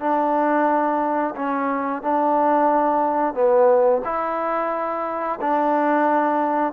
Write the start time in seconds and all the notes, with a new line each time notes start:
0.00 D4
1.35 C#4
2.02 D4
3.34 B3
4.04 E4
5.41 D4